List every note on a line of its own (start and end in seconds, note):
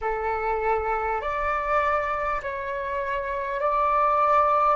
0.01 1.21 A4
1.21 2.41 D5
2.42 3.60 C#5
3.60 4.75 D5